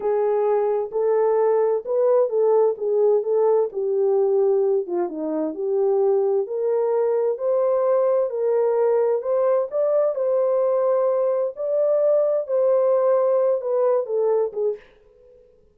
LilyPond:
\new Staff \with { instrumentName = "horn" } { \time 4/4 \tempo 4 = 130 gis'2 a'2 | b'4 a'4 gis'4 a'4 | g'2~ g'8 f'8 dis'4 | g'2 ais'2 |
c''2 ais'2 | c''4 d''4 c''2~ | c''4 d''2 c''4~ | c''4. b'4 a'4 gis'8 | }